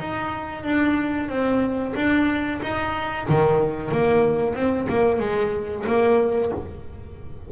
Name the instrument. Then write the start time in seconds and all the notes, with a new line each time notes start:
double bass
0.00 D#4
0.64 D4
1.29 C4
1.96 D4
2.62 D#4
3.29 D#3
3.92 A#3
4.55 C4
4.89 A#3
5.20 G#3
5.87 A#3